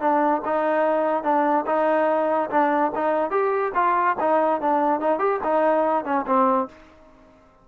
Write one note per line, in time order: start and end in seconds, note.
0.00 0.42 D4
0.45 1.23 D#4
1.23 1.65 D4
1.66 2.50 D#4
2.50 2.92 D4
2.95 3.30 D#4
3.30 3.72 G4
3.74 4.16 F4
4.20 4.61 D#4
4.61 5.00 D4
5.00 5.19 D#4
5.19 5.40 G4
5.44 6.04 D#4
6.04 6.25 C#4
6.27 6.68 C4